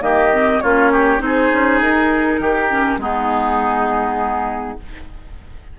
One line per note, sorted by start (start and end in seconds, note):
0.00 0.61 D#3
0.00 0.30 A#3
0.00 0.63 G4
0.00 0.61 D#5
0.33 0.63 C4
0.61 1.20 A#3
0.61 1.19 C#4
0.61 0.92 F4
0.61 1.20 C#5
0.92 1.22 G4
1.19 1.50 C4
1.19 2.67 D#4
1.19 1.80 C5
1.26 2.41 G#4
1.53 1.80 C#4
1.80 2.39 D#4
1.80 3.00 A#4
2.39 2.98 D#3
2.39 3.00 G4
2.70 3.00 C#4
2.98 4.76 G#3
2.98 4.78 B3
2.98 4.78 D#4
2.98 4.79 G#4